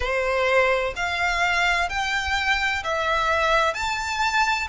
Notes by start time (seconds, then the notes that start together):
0.00 C5
0.95 F5
1.89 G5
2.83 E5
3.73 A5